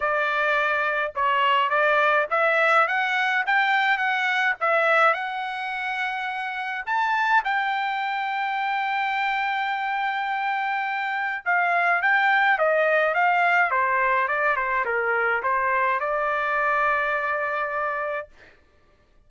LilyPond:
\new Staff \with { instrumentName = "trumpet" } { \time 4/4 \tempo 4 = 105 d''2 cis''4 d''4 | e''4 fis''4 g''4 fis''4 | e''4 fis''2. | a''4 g''2.~ |
g''1 | f''4 g''4 dis''4 f''4 | c''4 d''8 c''8 ais'4 c''4 | d''1 | }